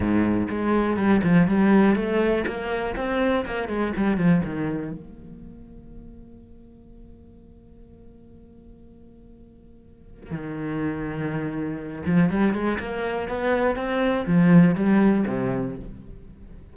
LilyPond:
\new Staff \with { instrumentName = "cello" } { \time 4/4 \tempo 4 = 122 gis,4 gis4 g8 f8 g4 | a4 ais4 c'4 ais8 gis8 | g8 f8 dis4 ais2~ | ais1~ |
ais1~ | ais4 dis2.~ | dis8 f8 g8 gis8 ais4 b4 | c'4 f4 g4 c4 | }